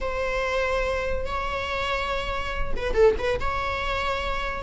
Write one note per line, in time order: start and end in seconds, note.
0.01 1.26 C5
1.26 2.74 C#5
2.76 2.94 B4
2.94 3.15 A4
3.18 3.39 B4
3.40 4.62 C#5